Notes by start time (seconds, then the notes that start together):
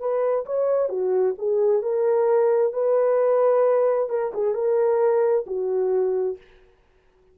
0.00 B4
0.46 C#5
0.89 F#4
1.39 G#4
1.83 A#4
2.73 B4
4.10 A#4
4.34 G#4
4.55 A#4
5.47 F#4